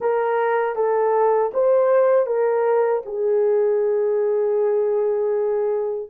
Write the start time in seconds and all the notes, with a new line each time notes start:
0.00 A#4
0.75 A4
1.53 C5
2.26 A#4
3.05 G#4